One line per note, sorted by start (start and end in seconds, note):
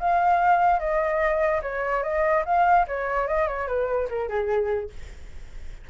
0.00 0.80 F5
0.80 1.61 D#5
1.63 2.03 C#5
2.03 2.44 D#5
2.46 2.86 F5
2.88 3.28 C#5
3.28 3.48 D#5
3.48 3.68 C#5
3.68 4.09 B4
4.10 4.29 A#4
4.29 4.90 G#4